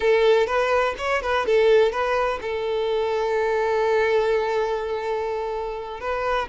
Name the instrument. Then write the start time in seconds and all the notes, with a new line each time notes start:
violin
0.00 A4
0.46 B4
0.97 C#5
1.22 B4
1.46 A4
1.91 B4
2.41 A4
6.00 B4